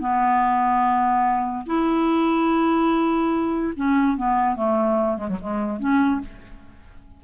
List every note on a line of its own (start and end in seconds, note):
0.00 1.66 B3
1.66 3.73 E4
3.76 4.17 C#4
4.17 4.56 B3
4.56 5.17 A3
5.17 5.28 G#3
5.28 5.38 F#3
5.40 5.79 G#3
5.79 6.21 C#4